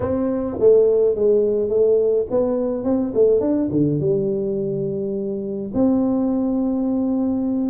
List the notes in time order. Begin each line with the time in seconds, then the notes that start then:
0.00 C4
0.59 A3
1.15 G#3
1.69 A3
2.30 B3
2.84 C4
3.14 A3
3.40 D4
3.71 D3
4.00 G3
5.74 C4